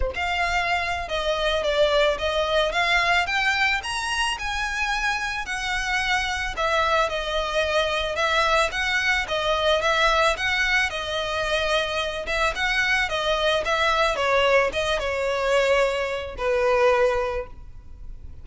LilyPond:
\new Staff \with { instrumentName = "violin" } { \time 4/4 \tempo 4 = 110 c''16 f''4.~ f''16 dis''4 d''4 | dis''4 f''4 g''4 ais''4 | gis''2 fis''2 | e''4 dis''2 e''4 |
fis''4 dis''4 e''4 fis''4 | dis''2~ dis''8 e''8 fis''4 | dis''4 e''4 cis''4 dis''8 cis''8~ | cis''2 b'2 | }